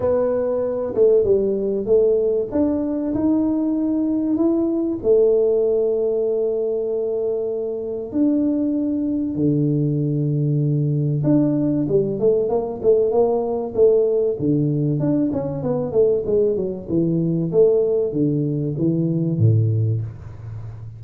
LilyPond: \new Staff \with { instrumentName = "tuba" } { \time 4/4 \tempo 4 = 96 b4. a8 g4 a4 | d'4 dis'2 e'4 | a1~ | a4 d'2 d4~ |
d2 d'4 g8 a8 | ais8 a8 ais4 a4 d4 | d'8 cis'8 b8 a8 gis8 fis8 e4 | a4 d4 e4 a,4 | }